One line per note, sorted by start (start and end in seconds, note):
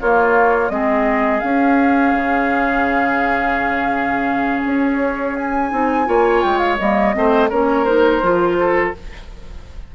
0.00 0.70 A#3
0.00 0.71 F4
0.00 0.69 C#5
0.69 1.41 G#3
0.69 1.41 C4
0.69 6.07 G#4
0.69 1.40 D#5
1.40 5.70 C#4
1.40 2.13 C#4
1.40 4.61 F5
2.13 4.63 C#3
4.65 5.72 C#4
4.65 5.35 C#5
5.35 6.42 G#5
5.71 6.07 C4
5.71 6.05 D#4
6.05 6.43 A#3
6.05 6.77 F4
6.05 7.15 C#5
6.42 6.79 G#3
6.42 6.58 G5
6.58 6.76 F5
6.78 7.15 G3
6.78 7.13 A#3
6.78 7.49 D#5
7.13 7.51 A3
7.13 7.49 C4
7.13 7.49 C5
7.49 8.22 A#3
7.49 7.85 C#4
7.49 8.56 A#4
7.49 7.84 C#5
7.84 8.21 D#4
7.84 8.91 C5
8.22 8.94 F3
8.22 8.94 F4
8.59 8.95 A4